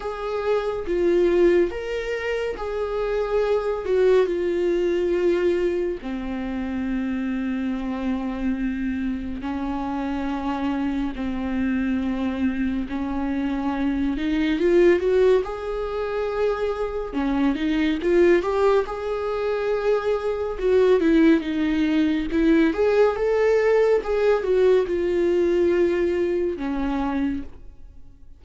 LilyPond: \new Staff \with { instrumentName = "viola" } { \time 4/4 \tempo 4 = 70 gis'4 f'4 ais'4 gis'4~ | gis'8 fis'8 f'2 c'4~ | c'2. cis'4~ | cis'4 c'2 cis'4~ |
cis'8 dis'8 f'8 fis'8 gis'2 | cis'8 dis'8 f'8 g'8 gis'2 | fis'8 e'8 dis'4 e'8 gis'8 a'4 | gis'8 fis'8 f'2 cis'4 | }